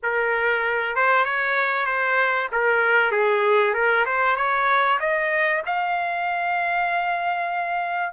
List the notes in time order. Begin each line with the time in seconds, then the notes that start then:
0.03 A#4
0.95 C5
1.24 C#5
1.86 C5
2.52 A#4
3.11 G#4
3.74 A#4
4.05 C5
4.36 C#5
5.00 D#5
5.66 F5